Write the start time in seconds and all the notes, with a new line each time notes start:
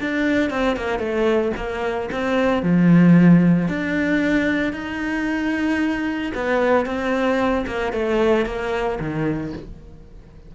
0.00 D4
0.50 C4
0.76 A#3
0.98 A3
1.56 A#3
2.11 C4
2.62 F3
3.68 D4
4.73 D#4
6.34 B3
6.85 C4
7.66 A#3
7.92 A3
8.45 A#3
8.99 D#3